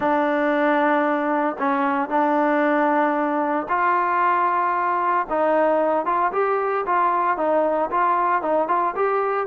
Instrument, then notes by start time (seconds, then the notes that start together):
trombone
0.00 D4
1.58 C#4
2.09 D4
3.68 F4
5.29 D#4
6.05 F4
6.32 G4
6.86 F4
7.37 D#4
7.91 F4
8.42 D#4
8.68 F4
8.95 G4